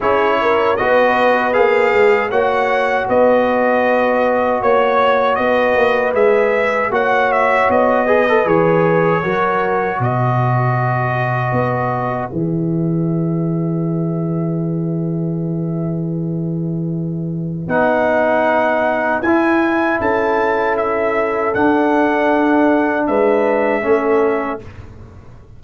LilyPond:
<<
  \new Staff \with { instrumentName = "trumpet" } { \time 4/4 \tempo 4 = 78 cis''4 dis''4 f''4 fis''4 | dis''2 cis''4 dis''4 | e''4 fis''8 e''8 dis''4 cis''4~ | cis''4 dis''2. |
e''1~ | e''2. fis''4~ | fis''4 gis''4 a''4 e''4 | fis''2 e''2 | }
  \new Staff \with { instrumentName = "horn" } { \time 4/4 gis'8 ais'8 b'2 cis''4 | b'2 cis''4 b'4~ | b'4 cis''4. b'4. | ais'4 b'2.~ |
b'1~ | b'1~ | b'2 a'2~ | a'2 b'4 a'4 | }
  \new Staff \with { instrumentName = "trombone" } { \time 4/4 e'4 fis'4 gis'4 fis'4~ | fis'1 | gis'4 fis'4. gis'16 a'16 gis'4 | fis'1 |
gis'1~ | gis'2. dis'4~ | dis'4 e'2. | d'2. cis'4 | }
  \new Staff \with { instrumentName = "tuba" } { \time 4/4 cis'4 b4 ais8 gis8 ais4 | b2 ais4 b8 ais8 | gis4 ais4 b4 e4 | fis4 b,2 b4 |
e1~ | e2. b4~ | b4 e'4 cis'2 | d'2 gis4 a4 | }
>>